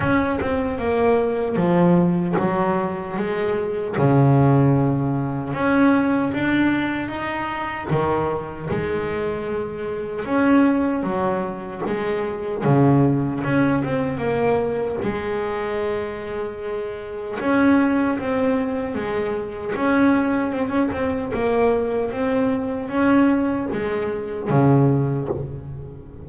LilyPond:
\new Staff \with { instrumentName = "double bass" } { \time 4/4 \tempo 4 = 76 cis'8 c'8 ais4 f4 fis4 | gis4 cis2 cis'4 | d'4 dis'4 dis4 gis4~ | gis4 cis'4 fis4 gis4 |
cis4 cis'8 c'8 ais4 gis4~ | gis2 cis'4 c'4 | gis4 cis'4 c'16 cis'16 c'8 ais4 | c'4 cis'4 gis4 cis4 | }